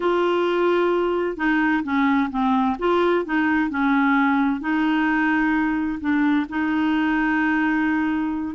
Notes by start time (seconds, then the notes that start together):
0.00 F4
1.37 D#4
1.83 C#4
2.30 C4
2.78 F4
3.25 D#4
3.70 C#4
4.60 D#4
6.00 D4
6.49 D#4